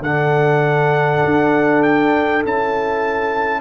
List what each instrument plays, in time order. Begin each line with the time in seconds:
0.00 tuba D3, trombone D4, horn A4, trumpet F#5
1.24 tuba D4
1.82 trumpet G5
2.44 tuba C#4, trombone E4, trumpet A5